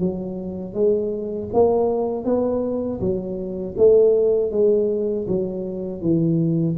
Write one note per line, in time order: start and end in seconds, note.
0.00 0.74 F#3
0.74 1.49 G#3
1.53 2.25 A#3
2.25 3.00 B3
3.01 3.76 F#3
3.77 4.52 A3
4.52 5.27 G#3
5.28 6.02 F#3
6.02 6.77 E3